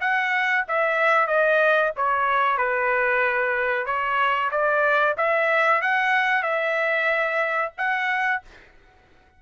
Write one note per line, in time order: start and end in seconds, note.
0.00 0.65 F#5
0.68 1.27 E5
1.27 1.91 D#5
1.96 2.57 C#5
2.57 3.86 B4
3.86 4.50 C#5
4.51 5.15 D5
5.17 5.81 E5
5.81 6.43 F#5
6.43 7.72 E5
7.77 8.42 F#5